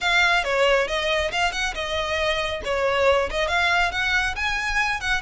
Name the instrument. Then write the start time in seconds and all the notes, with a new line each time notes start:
violin
0.00 F5
0.44 C#5
0.87 D#5
1.31 F5
1.52 F#5
1.74 D#5
2.64 C#5
3.30 D#5
3.48 F5
3.91 F#5
4.35 G#5
5.00 F#5